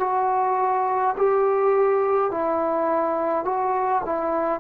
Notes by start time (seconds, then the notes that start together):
0.00 F#4
1.17 G4
2.31 E4
3.45 F#4
4.05 E4